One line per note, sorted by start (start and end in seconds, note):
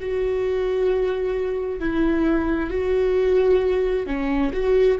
0.00 1.80 F#4
1.80 2.70 E4
2.70 4.06 F#4
4.07 4.52 C#4
4.53 4.98 F#4